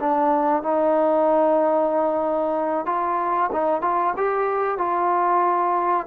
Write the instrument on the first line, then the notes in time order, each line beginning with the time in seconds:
trombone
0.00 D4
0.63 D#4
2.86 F4
3.52 D#4
3.82 F4
4.17 G4
4.78 F4